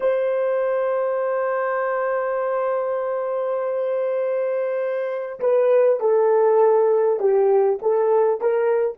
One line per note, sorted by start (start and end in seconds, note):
0.00 5.39 C5
5.39 5.99 B4
5.99 7.19 A4
7.19 7.79 G4
7.82 8.41 A4
8.41 8.97 A#4